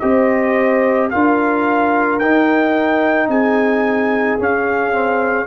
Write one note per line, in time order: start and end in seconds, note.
0.00 1.12 C4
0.00 1.11 G4
0.00 1.11 C5
0.00 1.09 D#5
1.11 2.21 D4
1.11 2.21 F4
1.11 3.30 A#4
1.11 2.19 F5
2.19 3.28 D#4
2.19 4.39 D#4
2.19 3.28 G5
3.28 4.37 C4
3.28 5.47 G#4
3.28 4.39 G#5
4.39 4.92 C#4
4.39 5.47 C#4
4.39 5.47 F5
4.92 5.47 C4